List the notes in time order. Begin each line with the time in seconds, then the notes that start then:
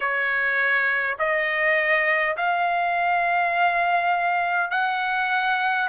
0.00 C#5
1.18 D#5
2.36 F5
4.71 F#5